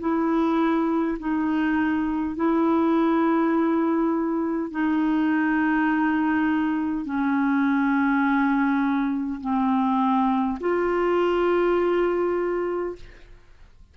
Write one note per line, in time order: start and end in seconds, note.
0.00 1.18 E4
1.19 2.36 D#4
2.36 4.71 E4
4.71 7.05 D#4
7.05 9.40 C#4
9.41 10.58 C4
10.60 12.95 F4